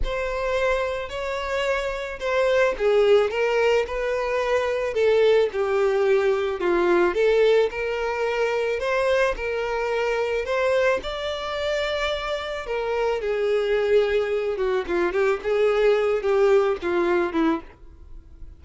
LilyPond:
\new Staff \with { instrumentName = "violin" } { \time 4/4 \tempo 4 = 109 c''2 cis''2 | c''4 gis'4 ais'4 b'4~ | b'4 a'4 g'2 | f'4 a'4 ais'2 |
c''4 ais'2 c''4 | d''2. ais'4 | gis'2~ gis'8 fis'8 f'8 g'8 | gis'4. g'4 f'4 e'8 | }